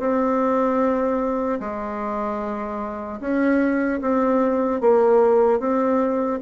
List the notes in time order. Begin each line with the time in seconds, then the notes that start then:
0.00 C4
1.60 G#3
3.21 C#4
4.02 C4
4.81 A#3
5.60 C4